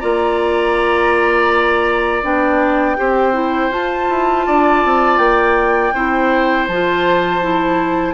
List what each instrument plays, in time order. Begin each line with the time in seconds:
0.00 bassoon A#3, clarinet F4, oboe D5, flute A#5
2.23 bassoon B3, clarinet D4, flute G5
2.96 bassoon C4, clarinet G4, oboe C5
3.33 clarinet E4
3.71 clarinet F4, bassoon F4, flute A5
4.09 bassoon E4
4.47 bassoon D4, oboe D5
4.85 bassoon C4
5.18 bassoon A#3, flute G5
5.94 bassoon C4, clarinet E4, oboe C5
6.68 bassoon F3, clarinet F4, flute A5
7.42 clarinet E4